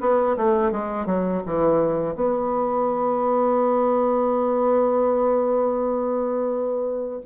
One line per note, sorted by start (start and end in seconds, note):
0.00 0.36 B3
0.36 0.71 A3
0.71 1.06 G#3
1.06 1.42 F#3
1.46 2.15 E3
2.15 7.21 B3